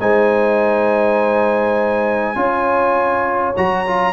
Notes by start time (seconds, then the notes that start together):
0.00 G#3 D#4 C5 G#5
2.35 C#4 F4 C#5
3.56 F#3 F#4 A#5
3.87 F4